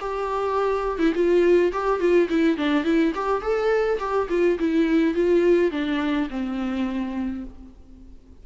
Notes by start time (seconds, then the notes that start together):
0.00 G4
0.99 E4
1.15 F4
1.73 G4
2.00 F4
2.29 E4
2.57 D4
2.84 E4
3.15 G4
3.42 A4
3.99 G4
4.30 F4
4.59 E4
5.15 F4
5.71 D4
6.30 C4